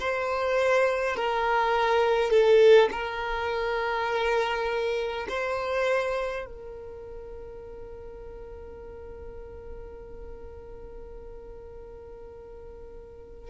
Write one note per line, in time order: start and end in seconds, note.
0.00 1.16 C5
1.16 2.30 A#4
2.30 2.89 A4
2.91 5.27 A#4
5.28 6.45 C5
6.45 13.50 A#4